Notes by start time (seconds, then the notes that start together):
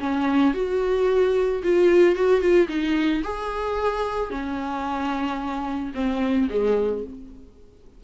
0.00 C#4
0.54 F#4
1.63 F4
2.15 F#4
2.41 F4
2.69 D#4
3.24 G#4
4.30 C#4
5.95 C4
6.50 G#3